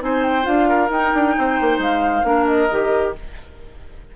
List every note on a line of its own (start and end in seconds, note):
0.00 0.46 C4
0.00 0.43 D#4
0.00 0.69 C5
0.00 0.24 G#5
0.24 0.46 G5
0.43 0.90 D4
0.43 0.87 F4
0.43 0.90 F5
0.69 1.35 A#4
0.90 1.12 D#4
0.90 2.24 D#4
0.90 1.81 G5
1.14 1.37 D4
1.38 1.60 C4
1.38 2.27 C5
1.61 1.79 A#3
1.79 2.23 G#3
1.79 2.46 F5
2.24 2.68 A#3
2.24 2.68 D4
2.24 3.16 A#4
2.46 3.13 D#5
2.71 3.16 D#3
2.71 3.15 G4